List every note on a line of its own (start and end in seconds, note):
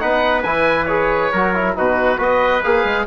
0.00 0.44 B3
0.00 0.43 D#4
0.00 1.32 B4
0.00 0.43 F#5
0.43 1.31 E3
0.43 0.89 E4
0.43 0.85 G#5
0.85 1.32 G#4
0.85 1.72 C#5
1.32 1.76 F#3
1.32 1.54 F#4
1.32 1.75 A#4
1.54 1.76 E4
1.76 2.18 B2
1.76 2.18 D#4
1.76 2.18 F#4
1.76 2.20 B4
2.18 2.62 B3
2.18 2.62 F#4
2.18 3.05 B4
2.18 2.63 D#5
2.63 2.84 A#3
2.63 3.07 G#4
2.63 3.07 F5
2.84 3.06 G#3